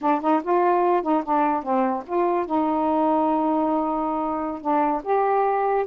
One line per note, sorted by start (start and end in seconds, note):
0.01 0.21 D4
0.21 0.41 D#4
0.43 1.02 F4
1.02 1.23 D#4
1.23 1.62 D4
1.62 2.03 C4
2.06 2.45 F4
2.45 4.61 D#4
4.61 5.02 D4
5.03 5.85 G4